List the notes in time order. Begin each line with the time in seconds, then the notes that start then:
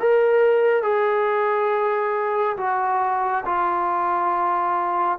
0.00 A#4
0.83 G#4
2.58 F#4
3.46 F4